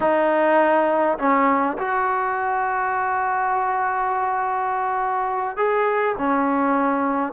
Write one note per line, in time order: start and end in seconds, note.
0.00 1.17 D#4
1.18 1.77 C#4
1.78 5.56 F#4
5.56 6.15 G#4
6.18 7.32 C#4